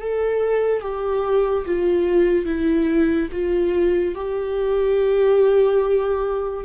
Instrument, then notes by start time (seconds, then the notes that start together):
viola
0.00 A4
0.81 G4
1.65 F4
2.45 E4
3.31 F4
4.15 G4